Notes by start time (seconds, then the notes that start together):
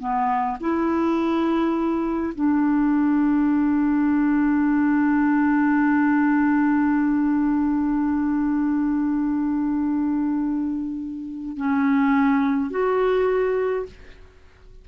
0.00 B3
0.61 E4
2.35 D4
11.58 C#4
12.71 F#4